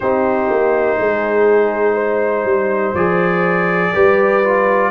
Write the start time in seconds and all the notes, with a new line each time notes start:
0.00 C4 D#4 G4 C5
0.50 A#3
0.99 G#3 G#4
1.94 C5
2.44 G3
2.94 F3 G#4 D5
3.92 G3 G4 B4
4.43 F4